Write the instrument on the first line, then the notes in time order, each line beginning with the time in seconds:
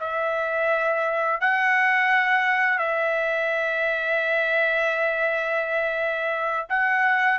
trumpet
0.00 E5
1.40 F#5
2.78 E5
6.69 F#5